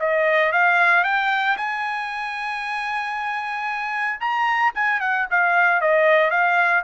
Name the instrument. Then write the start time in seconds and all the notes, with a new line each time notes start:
trumpet
0.00 D#5
0.52 F5
1.04 G5
1.57 G#5
4.20 A#5
4.75 G#5
5.01 F#5
5.31 F5
5.81 D#5
6.31 F5